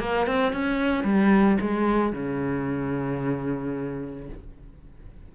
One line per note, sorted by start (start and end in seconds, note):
0.00 0.27 A#3
0.27 0.53 C4
0.53 1.04 C#4
1.04 1.58 G3
1.61 2.13 G#3
2.13 4.29 C#3